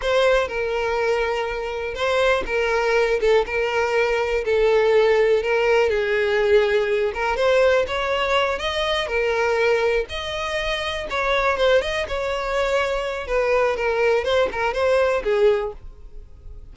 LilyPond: \new Staff \with { instrumentName = "violin" } { \time 4/4 \tempo 4 = 122 c''4 ais'2. | c''4 ais'4. a'8 ais'4~ | ais'4 a'2 ais'4 | gis'2~ gis'8 ais'8 c''4 |
cis''4. dis''4 ais'4.~ | ais'8 dis''2 cis''4 c''8 | dis''8 cis''2~ cis''8 b'4 | ais'4 c''8 ais'8 c''4 gis'4 | }